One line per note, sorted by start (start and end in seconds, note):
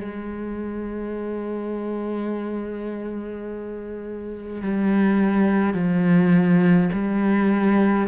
0.00 4.62 G#3
4.62 5.74 G3
5.74 6.89 F3
6.92 8.08 G3